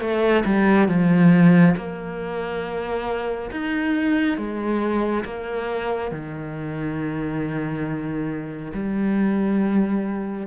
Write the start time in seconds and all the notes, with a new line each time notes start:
0.00 A3
0.45 G3
0.88 F3
1.76 A#3
3.51 D#4
4.37 G#3
5.25 A#3
6.11 D#3
8.73 G3